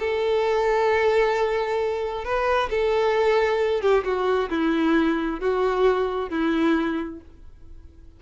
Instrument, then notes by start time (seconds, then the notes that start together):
violin
0.00 A4
2.25 B4
2.71 A4
3.82 G4
4.05 F#4
4.50 E4
5.41 F#4
6.30 E4